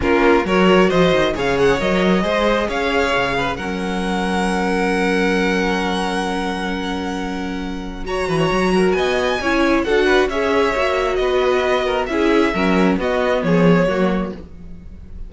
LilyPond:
<<
  \new Staff \with { instrumentName = "violin" } { \time 4/4 \tempo 4 = 134 ais'4 cis''4 dis''4 f''8 fis''8 | dis''2 f''2 | fis''1~ | fis''1~ |
fis''2 ais''2 | gis''2 fis''4 e''4~ | e''4 dis''2 e''4~ | e''4 dis''4 cis''2 | }
  \new Staff \with { instrumentName = "violin" } { \time 4/4 f'4 ais'4 c''4 cis''4~ | cis''4 c''4 cis''4. b'8 | ais'1~ | ais'1~ |
ais'2 cis''8 b'16 cis''8. ais'8 | dis''4 cis''4 a'8 b'8 cis''4~ | cis''4 b'4. ais'8 gis'4 | ais'4 fis'4 gis'4 fis'4 | }
  \new Staff \with { instrumentName = "viola" } { \time 4/4 cis'4 fis'2 gis'4 | ais'4 gis'2. | cis'1~ | cis'1~ |
cis'2 fis'2~ | fis'4 e'4 fis'4 gis'4 | fis'2. e'4 | cis'4 b2 ais4 | }
  \new Staff \with { instrumentName = "cello" } { \time 4/4 ais4 fis4 f8 dis8 cis4 | fis4 gis4 cis'4 cis4 | fis1~ | fis1~ |
fis2~ fis8 e8 fis4 | b4 cis'4 d'4 cis'4 | ais4 b2 cis'4 | fis4 b4 f4 fis4 | }
>>